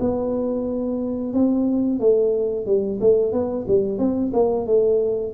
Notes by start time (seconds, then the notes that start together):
0.00 B3
1.33 C4
2.00 A3
2.66 G3
3.00 A3
3.32 B3
3.68 G3
3.98 C4
4.33 A#3
4.66 A3